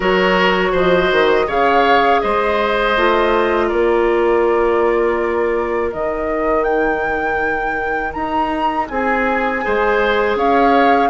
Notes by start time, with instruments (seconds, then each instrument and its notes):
0.00 bassoon F#3, clarinet F#4, oboe A#4, flute C#5
0.72 bassoon F3, oboe C5, flute D#5
1.11 bassoon D#3
1.47 bassoon C#3, clarinet G#4, oboe C#5, flute F5
2.20 bassoon G#3, oboe C5, flute D#5
2.96 bassoon A3, clarinet F4
3.67 bassoon A#3, oboe A#4, flute D5
5.92 bassoon D#3, clarinet D#4, flute D#5
6.63 flute G5
8.12 bassoon D#4, flute A#5
8.88 bassoon C4, oboe G#4, flute G#5
9.62 bassoon G#3, clarinet G#4, oboe C5
10.35 bassoon C#4, oboe C#5, flute F5